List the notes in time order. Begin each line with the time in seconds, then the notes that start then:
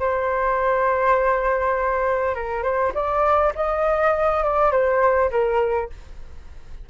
0.00 C5
2.35 A#4
2.63 C5
2.95 D5
3.56 D#5
4.44 D5
4.72 C5
5.31 A#4